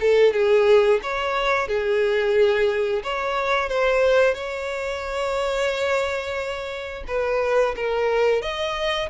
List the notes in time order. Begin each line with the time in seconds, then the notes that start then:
0.00 A4
0.33 G#4
1.03 C#5
1.68 G#4
3.04 C#5
3.69 C5
4.34 C#5
7.08 B4
7.76 A#4
8.42 D#5